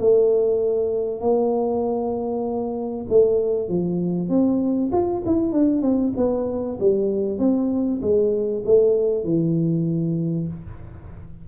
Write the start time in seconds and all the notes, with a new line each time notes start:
0.00 A3
1.21 A#3
3.09 A3
3.69 F3
4.29 C4
4.92 F4
5.26 E4
5.52 D4
5.82 C4
6.17 B3
6.80 G3
7.39 C4
8.02 G#3
8.66 A3
9.24 E3